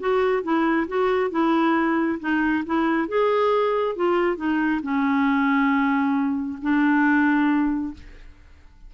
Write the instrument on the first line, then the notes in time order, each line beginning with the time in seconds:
clarinet
0.00 F#4
0.43 E4
0.88 F#4
1.31 E4
2.20 D#4
2.66 E4
3.08 G#4
3.96 F4
4.37 D#4
4.83 C#4
6.62 D4